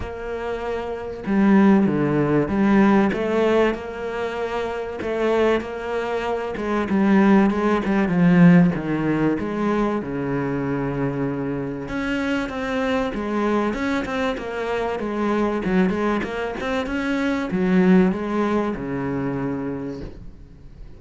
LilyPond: \new Staff \with { instrumentName = "cello" } { \time 4/4 \tempo 4 = 96 ais2 g4 d4 | g4 a4 ais2 | a4 ais4. gis8 g4 | gis8 g8 f4 dis4 gis4 |
cis2. cis'4 | c'4 gis4 cis'8 c'8 ais4 | gis4 fis8 gis8 ais8 c'8 cis'4 | fis4 gis4 cis2 | }